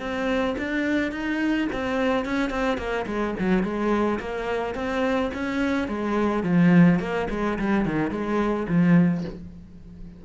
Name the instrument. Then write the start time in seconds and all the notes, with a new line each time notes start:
cello
0.00 C4
0.58 D4
1.12 D#4
1.73 C4
2.26 C#4
2.51 C4
2.78 A#3
3.07 G#3
3.40 F#3
3.64 G#3
4.20 A#3
4.75 C4
5.34 C#4
5.89 G#3
6.44 F3
7.00 A#3
7.30 G#3
7.59 G3
7.86 D#3
8.11 G#3
8.69 F3